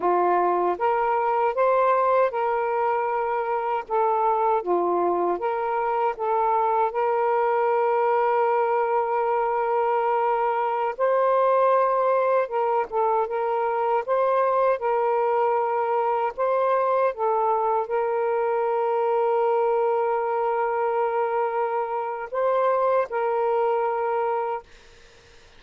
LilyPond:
\new Staff \with { instrumentName = "saxophone" } { \time 4/4 \tempo 4 = 78 f'4 ais'4 c''4 ais'4~ | ais'4 a'4 f'4 ais'4 | a'4 ais'2.~ | ais'2~ ais'16 c''4.~ c''16~ |
c''16 ais'8 a'8 ais'4 c''4 ais'8.~ | ais'4~ ais'16 c''4 a'4 ais'8.~ | ais'1~ | ais'4 c''4 ais'2 | }